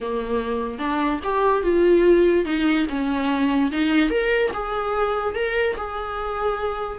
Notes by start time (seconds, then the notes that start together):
0.01 A#3
0.78 D4
1.23 G4
1.62 F4
2.45 D#4
2.89 C#4
3.71 D#4
4.10 A#4
4.53 G#4
5.34 A#4
5.76 G#4